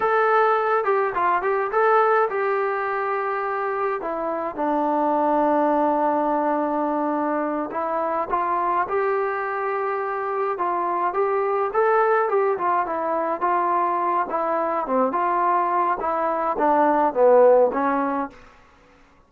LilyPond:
\new Staff \with { instrumentName = "trombone" } { \time 4/4 \tempo 4 = 105 a'4. g'8 f'8 g'8 a'4 | g'2. e'4 | d'1~ | d'4. e'4 f'4 g'8~ |
g'2~ g'8 f'4 g'8~ | g'8 a'4 g'8 f'8 e'4 f'8~ | f'4 e'4 c'8 f'4. | e'4 d'4 b4 cis'4 | }